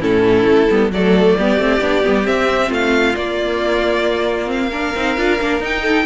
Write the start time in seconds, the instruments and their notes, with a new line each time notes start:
0.00 cello A2, viola C#4, violin E4 A4
0.45 cello A3
0.70 cello G3, viola B3
0.90 cello F#3, viola A3, violin A4 D5
1.37 cello G3, viola B3, violin G4
1.57 cello A3, viola C4
1.80 cello B3, viola D4
2.03 cello G3, viola B3
2.24 viola C4, cello C4, violin E5
2.67 cello A3, violin F4
2.73 violin F5
3.15 cello A#3, viola A#3, violin D5
4.46 viola C4, violin F5
4.69 viola D4, violin A#4
4.95 cello C4, viola D#4
5.17 cello D4, viola F4
5.40 cello A#3, viola D4
5.59 cello D#4, viola D#4, violin G5
5.81 violin A4